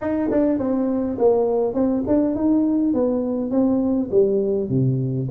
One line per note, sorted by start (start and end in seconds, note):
0.01 0.30 D#4
0.30 0.58 D4
0.58 1.17 C4
1.18 1.74 A#3
1.74 2.03 C4
2.07 2.35 D4
2.35 2.93 D#4
2.93 3.51 B3
3.51 4.09 C4
4.10 4.69 G3
4.69 5.28 C3